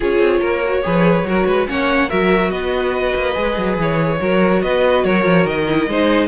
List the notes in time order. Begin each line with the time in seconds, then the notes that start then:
0.00 C#4 F4 G#4 C#5
0.19 C4
0.40 A#3 A#4
0.64 F#4
0.83 F3 G#4 B4
1.23 F#3 F#4 A#4
1.46 G#3 B4
1.66 A#3 C#4 C#5 F#5
2.08 F#3 F#4 A#4 E5
2.50 B3 B4 D#5
3.15 A#3
3.33 G#3 G#4
3.57 F#3
3.77 E3 C#5
4.19 F#3 F#4 A#4
4.62 B3 B4 D#5
5.04 F#3 A#4 C#5
5.24 F3
5.45 D#3 D#5
5.68 E4
5.87 G#3 D#4 C5